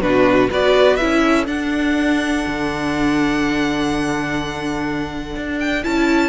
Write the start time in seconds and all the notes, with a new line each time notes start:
0.00 B2 D4 F#4 B4
0.50 B3 F#4 B4 D5
0.97 C#4 E4 E5
1.22 A4
1.46 D4 F#5
2.47 D3
5.36 D4
5.60 G5
5.83 C#4 E4 A5